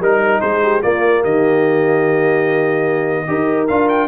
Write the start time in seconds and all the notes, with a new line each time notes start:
0.00 G3 D#4 A#4
0.40 G#3 G#4 C5
0.63 G4
0.82 A#3 F4 D5
1.22 D#3 G4 D#5
3.26 D#4 G4 A#4
3.68 D4 F4 F5
3.89 G5